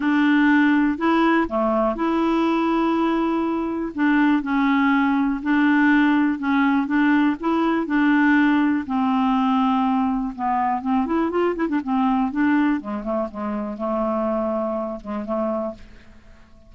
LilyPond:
\new Staff \with { instrumentName = "clarinet" } { \time 4/4 \tempo 4 = 122 d'2 e'4 a4 | e'1 | d'4 cis'2 d'4~ | d'4 cis'4 d'4 e'4 |
d'2 c'2~ | c'4 b4 c'8 e'8 f'8 e'16 d'16 | c'4 d'4 gis8 a8 gis4 | a2~ a8 gis8 a4 | }